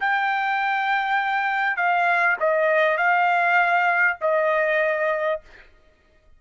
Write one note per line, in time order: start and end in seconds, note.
0.00 1.76 G5
1.76 2.36 F5
2.40 2.97 D#5
2.97 4.17 F5
4.21 5.41 D#5